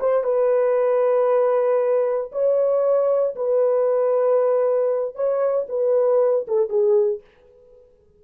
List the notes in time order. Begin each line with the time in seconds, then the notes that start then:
0.00 C5
0.24 B4
2.32 C#5
3.36 B4
5.15 C#5
5.69 B4
6.47 A4
6.69 G#4